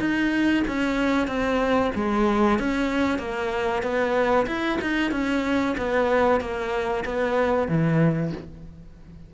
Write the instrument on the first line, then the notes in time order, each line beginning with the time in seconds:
cello
0.00 D#4
0.68 C#4
1.28 C4
1.96 G#3
2.60 C#4
3.19 A#3
3.83 B3
4.47 E4
4.82 D#4
5.12 C#4
5.78 B3
6.41 A#3
7.05 B3
7.69 E3